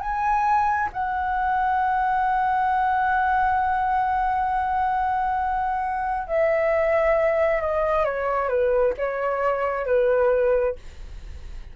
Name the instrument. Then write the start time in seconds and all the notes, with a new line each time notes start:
flute
0.00 G#5
0.93 F#5
6.28 E5
7.61 D#5
8.05 C#5
8.49 B4
8.98 C#5
9.86 B4